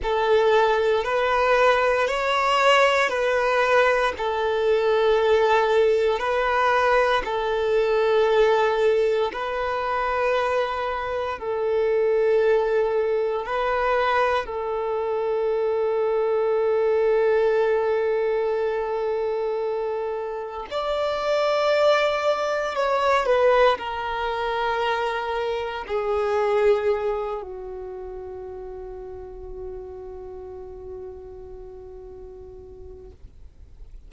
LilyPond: \new Staff \with { instrumentName = "violin" } { \time 4/4 \tempo 4 = 58 a'4 b'4 cis''4 b'4 | a'2 b'4 a'4~ | a'4 b'2 a'4~ | a'4 b'4 a'2~ |
a'1 | d''2 cis''8 b'8 ais'4~ | ais'4 gis'4. fis'4.~ | fis'1 | }